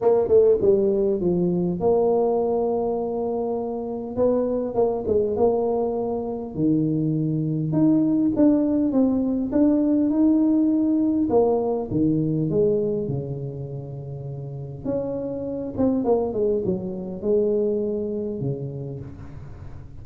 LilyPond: \new Staff \with { instrumentName = "tuba" } { \time 4/4 \tempo 4 = 101 ais8 a8 g4 f4 ais4~ | ais2. b4 | ais8 gis8 ais2 dis4~ | dis4 dis'4 d'4 c'4 |
d'4 dis'2 ais4 | dis4 gis4 cis2~ | cis4 cis'4. c'8 ais8 gis8 | fis4 gis2 cis4 | }